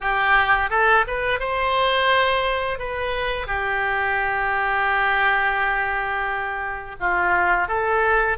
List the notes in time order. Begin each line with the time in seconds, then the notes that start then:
0.01 G4
0.70 A4
1.07 B4
1.40 C5
2.78 B4
3.46 G4
7.00 F4
7.67 A4